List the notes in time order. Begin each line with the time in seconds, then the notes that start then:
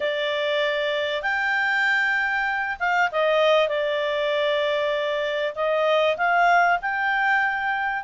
0.00 D5
1.22 G5
2.79 F5
3.11 D#5
3.68 D5
5.55 D#5
6.17 F5
6.81 G5